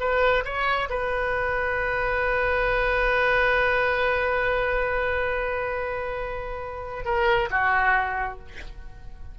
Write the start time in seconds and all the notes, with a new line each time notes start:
0.00 B4
0.45 C#5
0.90 B4
7.05 A#4
7.51 F#4